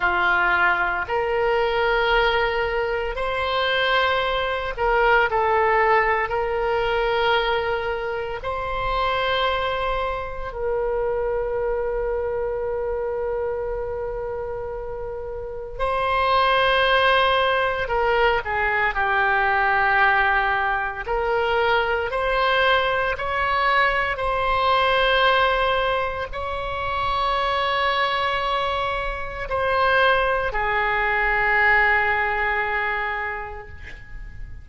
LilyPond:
\new Staff \with { instrumentName = "oboe" } { \time 4/4 \tempo 4 = 57 f'4 ais'2 c''4~ | c''8 ais'8 a'4 ais'2 | c''2 ais'2~ | ais'2. c''4~ |
c''4 ais'8 gis'8 g'2 | ais'4 c''4 cis''4 c''4~ | c''4 cis''2. | c''4 gis'2. | }